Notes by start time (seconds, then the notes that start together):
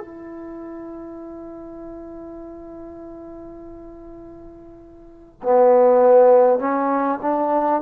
0.00 E4
5.42 B3
6.58 C#4
7.22 D4